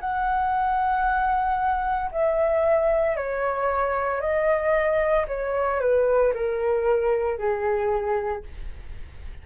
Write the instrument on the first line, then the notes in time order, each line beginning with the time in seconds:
flute
0.00 F#5
2.11 E5
3.16 C#5
4.21 D#5
5.27 C#5
5.80 B4
6.33 A#4
7.38 G#4